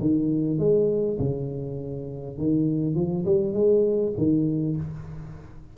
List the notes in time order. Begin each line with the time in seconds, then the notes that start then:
0.00 D#3
0.59 G#3
1.19 C#3
2.38 D#3
2.95 F3
3.25 G3
3.53 G#3
4.17 D#3